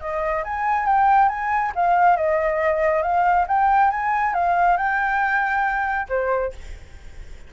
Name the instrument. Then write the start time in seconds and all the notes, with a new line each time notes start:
flute
0.00 D#5
0.44 G#5
0.86 G5
1.28 G#5
1.75 F5
2.16 D#5
3.02 F5
3.47 G5
3.91 G#5
4.33 F5
4.77 G5
6.08 C5